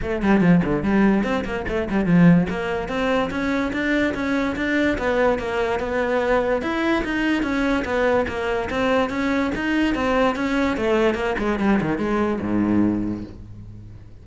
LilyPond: \new Staff \with { instrumentName = "cello" } { \time 4/4 \tempo 4 = 145 a8 g8 f8 d8 g4 c'8 ais8 | a8 g8 f4 ais4 c'4 | cis'4 d'4 cis'4 d'4 | b4 ais4 b2 |
e'4 dis'4 cis'4 b4 | ais4 c'4 cis'4 dis'4 | c'4 cis'4 a4 ais8 gis8 | g8 dis8 gis4 gis,2 | }